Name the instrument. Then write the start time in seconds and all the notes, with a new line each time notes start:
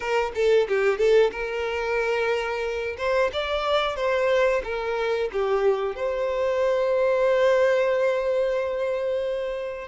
violin
0.00 A#4
0.34 A4
0.68 G4
0.97 A4
1.31 A#4
2.97 C5
3.32 D5
3.96 C5
4.64 A#4
5.32 G4
5.95 C5